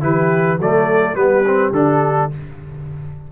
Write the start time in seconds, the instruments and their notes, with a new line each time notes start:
0.00 tuba E3, trombone E4, horn G4, trumpet B4
0.58 tuba F#3, trombone A3, horn A4, trumpet D5
1.14 tuba G3, trombone B3, horn G4, trumpet B4
1.46 trombone C4
1.72 tuba D3, trombone D4, trumpet A4